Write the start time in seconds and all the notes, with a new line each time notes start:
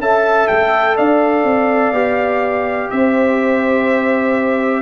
0.00 C#4 A4 E5 A5
0.48 A3 G5
0.97 D4 D5 F5
1.44 C4
1.93 B3 G4
2.91 C4 C5 E5